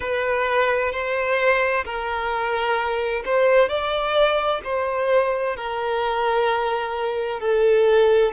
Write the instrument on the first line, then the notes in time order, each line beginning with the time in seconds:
violin
0.00 B4
0.92 C5
1.85 A#4
3.25 C5
3.68 D5
4.64 C5
5.56 A#4
7.40 A4